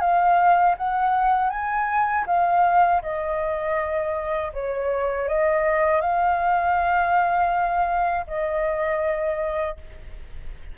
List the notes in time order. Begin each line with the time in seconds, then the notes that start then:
0.00 F5
0.77 F#5
1.50 G#5
2.26 F5
3.02 D#5
4.53 C#5
5.28 D#5
6.00 F5
8.27 D#5